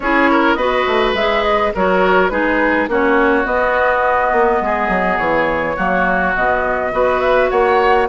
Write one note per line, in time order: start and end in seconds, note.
0.00 0.55 C#4
0.00 0.58 E4
0.00 0.30 G#4
0.00 0.54 C#5
0.30 0.57 A#4
0.54 0.84 B3
0.54 1.16 F#4
0.54 1.72 B4
0.54 1.11 D#5
0.87 1.14 A3
1.14 1.71 G#3
1.14 1.74 G#4
1.14 1.43 E5
1.43 1.72 D#5
1.74 2.31 F#3
1.74 2.30 F#4
1.74 2.31 A#4
1.74 2.29 C#5
2.29 2.87 G#3
2.29 2.87 D#4
2.29 2.89 G#4
2.29 2.87 B4
2.87 3.45 A#3
2.87 3.44 C#4
2.87 4.62 F#4
2.87 3.46 C#5
3.44 5.75 B3
3.44 4.31 B3
3.44 5.18 D#5
4.31 4.60 A#3
4.60 4.88 G#3
4.60 5.76 G#4
4.88 5.17 F#3
5.18 5.76 E3
5.18 6.33 C#5
5.76 6.35 F#3
5.76 6.34 A#3
5.76 6.91 F#4
6.35 6.92 B2
6.35 6.92 B3
6.35 7.20 D#5
6.92 7.50 B3
6.92 8.07 F#4
6.92 7.50 B4
7.20 7.49 E5
7.50 8.08 A#3
7.50 8.08 C#5
7.50 8.07 F#5